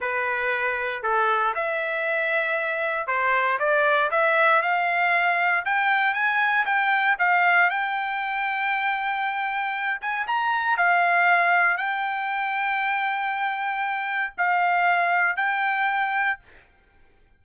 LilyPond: \new Staff \with { instrumentName = "trumpet" } { \time 4/4 \tempo 4 = 117 b'2 a'4 e''4~ | e''2 c''4 d''4 | e''4 f''2 g''4 | gis''4 g''4 f''4 g''4~ |
g''2.~ g''8 gis''8 | ais''4 f''2 g''4~ | g''1 | f''2 g''2 | }